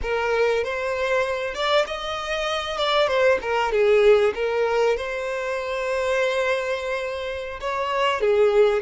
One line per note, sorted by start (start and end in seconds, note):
0.02 0.64 A#4
0.64 1.54 C5
1.54 1.85 D5
1.86 2.77 D#5
2.77 3.07 D5
3.07 3.38 C5
3.41 3.71 A#4
3.71 4.33 G#4
4.34 4.96 A#4
4.97 7.59 C5
7.60 8.20 C#5
8.20 8.81 G#4